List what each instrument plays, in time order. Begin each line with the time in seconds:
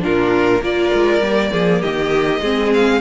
0.00 cello A#2, viola D4, violin F4 A#4
0.61 cello A#3, viola F4, violin A#4 D5
0.94 cello G#3
1.21 cello G3, viola A#3
1.52 cello F3, violin G#4
1.81 cello D#3, violin G4 D#5
2.41 cello G#3, viola C4, violin G#4
2.74 violin F5